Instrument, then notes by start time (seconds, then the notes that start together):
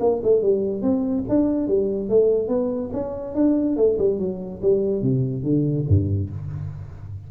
tuba
0.00 A#3
0.23 A3
0.42 G3
0.82 C4
1.29 D4
1.68 G3
2.09 A3
2.48 B3
2.93 C#4
3.35 D4
3.76 A3
3.98 G3
4.19 F#3
4.62 G3
5.02 C3
5.43 D3
5.88 G2